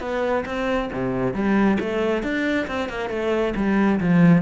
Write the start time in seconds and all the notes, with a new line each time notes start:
0.00 B3
0.46 C4
0.93 C3
1.34 G3
1.80 A3
2.23 D4
2.67 C4
2.89 A#3
3.10 A3
3.56 G3
4.00 F3